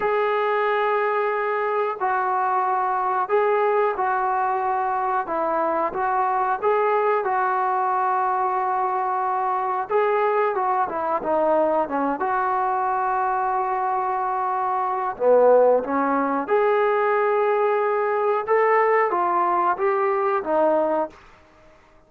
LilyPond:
\new Staff \with { instrumentName = "trombone" } { \time 4/4 \tempo 4 = 91 gis'2. fis'4~ | fis'4 gis'4 fis'2 | e'4 fis'4 gis'4 fis'4~ | fis'2. gis'4 |
fis'8 e'8 dis'4 cis'8 fis'4.~ | fis'2. b4 | cis'4 gis'2. | a'4 f'4 g'4 dis'4 | }